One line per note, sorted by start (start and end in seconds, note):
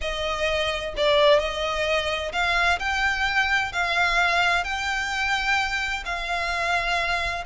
0.01 0.94 D#5
0.96 1.39 D5
1.39 2.32 D#5
2.32 2.78 F5
2.79 3.72 G5
3.72 4.63 F5
4.63 6.03 G5
6.05 7.44 F5